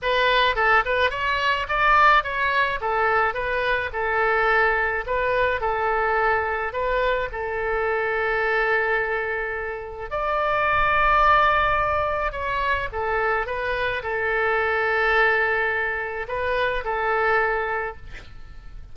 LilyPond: \new Staff \with { instrumentName = "oboe" } { \time 4/4 \tempo 4 = 107 b'4 a'8 b'8 cis''4 d''4 | cis''4 a'4 b'4 a'4~ | a'4 b'4 a'2 | b'4 a'2.~ |
a'2 d''2~ | d''2 cis''4 a'4 | b'4 a'2.~ | a'4 b'4 a'2 | }